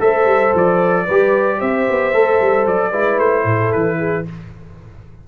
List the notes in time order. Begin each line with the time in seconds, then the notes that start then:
0.00 A3 A4 C5 E5
0.25 G3
0.55 F3 D5
1.05 G3 B4
1.11 G4
1.59 C4 C5 E5
1.90 B3
2.14 A3 A4
2.41 G3
2.67 F#3 D5
2.91 G#3 E4 B4
3.19 A3 C5
3.45 A2 A4
3.72 E3 B4
3.98 G#4